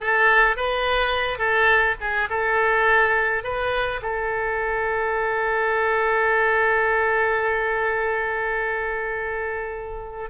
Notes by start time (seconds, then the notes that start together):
0.00 A4
0.56 B4
1.38 A4
2.00 G#4
2.29 A4
3.43 B4
4.02 A4